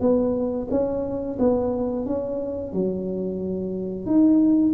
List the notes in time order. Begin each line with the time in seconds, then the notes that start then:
0.00 B3
0.70 C#4
1.39 B3
2.06 C#4
2.73 F#3
4.06 D#4